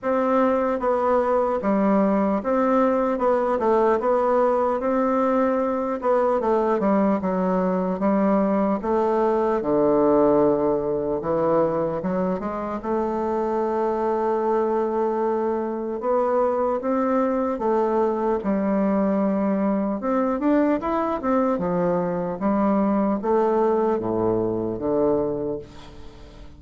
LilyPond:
\new Staff \with { instrumentName = "bassoon" } { \time 4/4 \tempo 4 = 75 c'4 b4 g4 c'4 | b8 a8 b4 c'4. b8 | a8 g8 fis4 g4 a4 | d2 e4 fis8 gis8 |
a1 | b4 c'4 a4 g4~ | g4 c'8 d'8 e'8 c'8 f4 | g4 a4 a,4 d4 | }